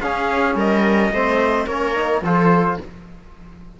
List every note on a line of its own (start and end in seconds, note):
0.00 0.54 C#4
0.00 1.13 C#4
0.00 0.56 G#4
0.00 0.56 F5
0.54 1.10 G3
0.54 1.12 A#4
0.54 1.67 D#5
1.10 1.65 A3
1.10 1.69 C4
1.10 1.66 C5
1.66 2.21 A#3
1.66 1.95 C#4
1.66 2.22 A#4
1.66 2.23 C#5
1.95 2.23 D#4
2.21 2.77 F3
2.21 2.80 F4
2.21 2.79 A4
2.21 2.80 C5